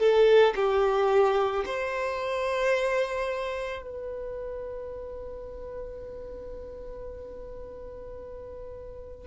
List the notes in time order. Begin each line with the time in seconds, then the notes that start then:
0.00 A4
0.56 G4
1.66 C5
3.83 B4